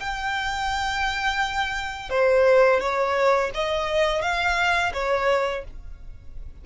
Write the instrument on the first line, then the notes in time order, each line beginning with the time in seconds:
violin
0.00 G5
2.10 C5
2.80 C#5
3.54 D#5
4.22 F5
4.94 C#5